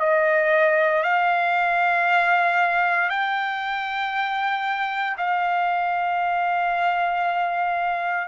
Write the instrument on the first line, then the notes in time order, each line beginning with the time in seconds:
trumpet
0.00 D#5
1.03 F5
3.09 G5
5.17 F5